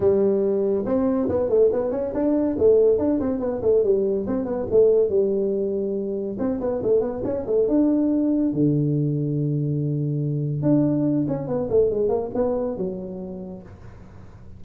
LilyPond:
\new Staff \with { instrumentName = "tuba" } { \time 4/4 \tempo 4 = 141 g2 c'4 b8 a8 | b8 cis'8 d'4 a4 d'8 c'8 | b8 a8 g4 c'8 b8 a4 | g2. c'8 b8 |
a8 b8 cis'8 a8 d'2 | d1~ | d4 d'4. cis'8 b8 a8 | gis8 ais8 b4 fis2 | }